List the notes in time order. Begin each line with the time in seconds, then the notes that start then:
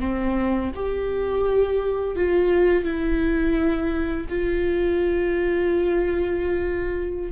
0.00 C4
0.75 G4
2.16 F4
2.85 E4
4.29 F4